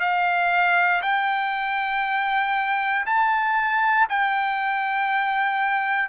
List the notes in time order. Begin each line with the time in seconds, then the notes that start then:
0.00 F5
1.02 G5
3.06 A5
4.09 G5